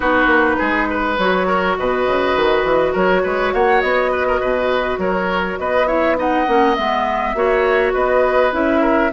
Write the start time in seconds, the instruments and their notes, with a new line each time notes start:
0.00 bassoon B3, clarinet D#4, oboe F#4, flute B4
0.26 bassoon A#3
0.58 bassoon G#3, oboe G#4
0.89 oboe B4
1.17 bassoon F#3, clarinet F#4, flute C#5
1.47 oboe A#4
1.78 bassoon B2, oboe B4, flute D#5
2.06 bassoon C#3
2.35 bassoon D#3
2.64 bassoon E3
2.92 bassoon F#3, oboe A#4, flute C#5
3.23 bassoon G#3, oboe B4
3.53 bassoon A#3, oboe C#5, flute F#5
3.80 bassoon B3, flute D#5
4.11 oboe B4
4.27 oboe A#4
4.40 bassoon B2, oboe B4
4.98 bassoon F#3, oboe A#4, flute C#5
5.58 bassoon B3, oboe B4, flute D#5
5.87 clarinet E4, oboe C#5, flute E5
6.17 clarinet D#4, oboe D#5, flute F#5
6.46 bassoon A#3, clarinet C#4
6.75 bassoon G#3, clarinet B3, flute E5
7.34 bassoon A#3, clarinet F#4, oboe C#5
7.93 bassoon B3, oboe B4, flute D#5
8.51 bassoon C#4, clarinet E4, flute E5
8.81 oboe A#4